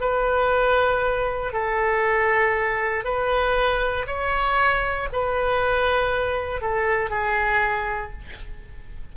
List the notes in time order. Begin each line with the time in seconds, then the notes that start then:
0.00 B4
1.53 A4
3.04 B4
4.07 C#5
5.12 B4
6.61 A4
7.10 G#4